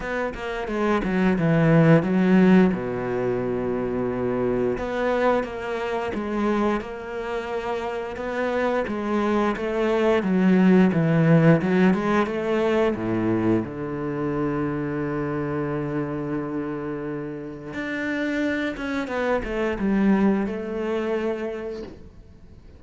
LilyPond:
\new Staff \with { instrumentName = "cello" } { \time 4/4 \tempo 4 = 88 b8 ais8 gis8 fis8 e4 fis4 | b,2. b4 | ais4 gis4 ais2 | b4 gis4 a4 fis4 |
e4 fis8 gis8 a4 a,4 | d1~ | d2 d'4. cis'8 | b8 a8 g4 a2 | }